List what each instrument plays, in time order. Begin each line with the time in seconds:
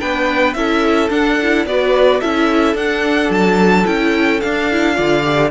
0.00 cello B3, viola D4, violin B4 G5
0.54 cello C#4, viola E4, violin A4 E5
1.10 viola D4, cello D4, violin F#5
1.43 viola E4
1.66 cello B3, viola F#4, violin B4 D5
2.21 cello C#4, viola E4, violin A4 E5
2.75 cello D4, viola D4, violin F#5
3.30 cello F#3, violin A5
3.86 cello C#4, viola E4, violin G5
4.41 viola D4, cello D4, violin F5
4.71 viola E4
4.95 cello D3, viola F4, violin D5
5.24 viola G4